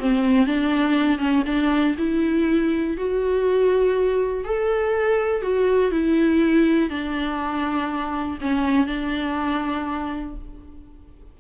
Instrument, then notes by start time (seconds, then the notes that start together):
viola
0.00 C4
0.47 D4
1.18 C#4
1.46 D4
1.98 E4
2.97 F#4
4.44 A4
5.42 F#4
5.91 E4
6.90 D4
8.41 C#4
8.86 D4